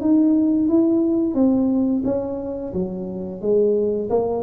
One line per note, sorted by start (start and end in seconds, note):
0.00 0.68 D#4
0.68 1.34 E4
1.34 2.02 C4
2.04 2.72 C#4
2.73 3.41 F#3
3.41 4.09 G#3
4.09 4.43 A#3